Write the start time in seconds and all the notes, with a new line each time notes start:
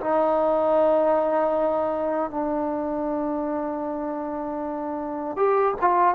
0.00 D#4
2.30 D4
5.36 G4
5.81 F4